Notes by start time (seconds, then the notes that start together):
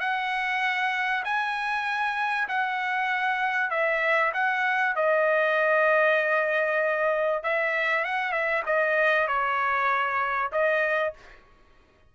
0.00 F#5
1.25 G#5
2.49 F#5
3.71 E5
4.34 F#5
4.96 D#5
7.43 E5
8.04 F#5
8.32 E5
8.66 D#5
9.28 C#5
10.52 D#5